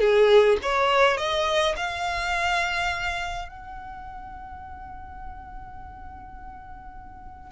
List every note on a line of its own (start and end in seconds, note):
0.00 0.58 G#4
0.62 1.17 C#5
1.17 1.75 D#5
1.76 3.49 F5
3.49 7.51 F#5